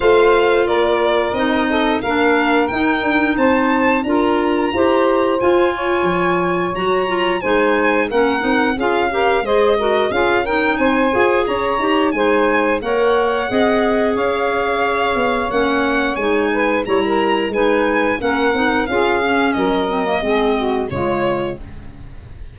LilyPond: <<
  \new Staff \with { instrumentName = "violin" } { \time 4/4 \tempo 4 = 89 f''4 d''4 dis''4 f''4 | g''4 a''4 ais''2 | gis''2 ais''4 gis''4 | fis''4 f''4 dis''4 f''8 g''8 |
gis''4 ais''4 gis''4 fis''4~ | fis''4 f''2 fis''4 | gis''4 ais''4 gis''4 fis''4 | f''4 dis''2 cis''4 | }
  \new Staff \with { instrumentName = "saxophone" } { \time 4/4 c''4 ais'4. a'8 ais'4~ | ais'4 c''4 ais'4 c''4~ | c''8 cis''2~ cis''8 c''4 | ais'4 gis'8 ais'8 c''8 ais'8 gis'8 ais'8 |
c''4 cis''4 c''4 cis''4 | dis''4 cis''2.~ | cis''8 b'8 cis''16 ais'8. b'4 ais'4 | gis'4 ais'4 gis'8 fis'8 f'4 | }
  \new Staff \with { instrumentName = "clarinet" } { \time 4/4 f'2 dis'4 d'4 | dis'2 f'4 g'4 | f'2 fis'8 f'8 dis'4 | cis'8 dis'8 f'8 g'8 gis'8 fis'8 f'8 dis'8~ |
dis'8 gis'4 g'8 dis'4 ais'4 | gis'2. cis'4 | dis'4 e'4 dis'4 cis'8 dis'8 | f'8 cis'4 c'16 ais16 c'4 gis4 | }
  \new Staff \with { instrumentName = "tuba" } { \time 4/4 a4 ais4 c'4 ais4 | dis'8 d'8 c'4 d'4 e'4 | f'4 f4 fis4 gis4 | ais8 c'8 cis'4 gis4 cis'4 |
c'8 f'8 cis'8 dis'8 gis4 ais4 | c'4 cis'4. b8 ais4 | gis4 g4 gis4 ais8 c'8 | cis'4 fis4 gis4 cis4 | }
>>